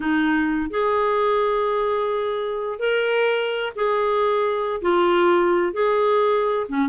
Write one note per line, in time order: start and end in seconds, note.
0.00 0.70 D#4
0.70 2.79 G#4
2.79 3.72 A#4
3.75 4.81 G#4
4.81 5.73 F4
5.73 6.66 G#4
6.68 6.88 C#4